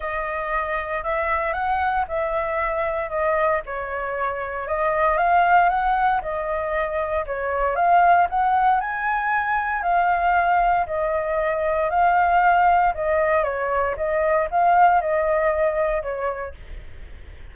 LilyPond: \new Staff \with { instrumentName = "flute" } { \time 4/4 \tempo 4 = 116 dis''2 e''4 fis''4 | e''2 dis''4 cis''4~ | cis''4 dis''4 f''4 fis''4 | dis''2 cis''4 f''4 |
fis''4 gis''2 f''4~ | f''4 dis''2 f''4~ | f''4 dis''4 cis''4 dis''4 | f''4 dis''2 cis''4 | }